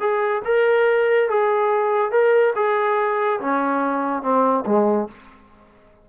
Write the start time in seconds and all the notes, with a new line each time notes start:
0.00 G#4
0.45 A#4
1.29 G#4
2.11 A#4
2.55 G#4
3.40 C#4
4.22 C4
4.66 G#3